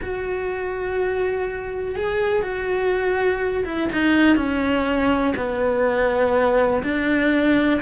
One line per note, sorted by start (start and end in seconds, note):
0.02 1.95 F#4
1.95 2.42 G#4
2.42 3.64 F#4
3.64 3.89 E4
3.92 4.36 D#4
4.36 5.33 C#4
5.36 6.82 B3
6.83 7.80 D4